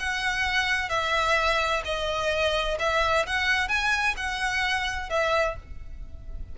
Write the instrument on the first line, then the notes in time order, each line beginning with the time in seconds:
violin
0.00 F#5
0.90 E5
1.85 D#5
2.80 E5
3.27 F#5
3.69 G#5
4.17 F#5
5.10 E5